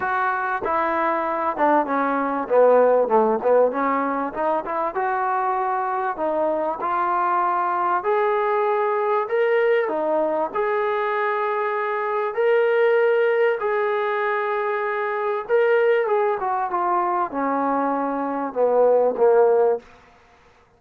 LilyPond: \new Staff \with { instrumentName = "trombone" } { \time 4/4 \tempo 4 = 97 fis'4 e'4. d'8 cis'4 | b4 a8 b8 cis'4 dis'8 e'8 | fis'2 dis'4 f'4~ | f'4 gis'2 ais'4 |
dis'4 gis'2. | ais'2 gis'2~ | gis'4 ais'4 gis'8 fis'8 f'4 | cis'2 b4 ais4 | }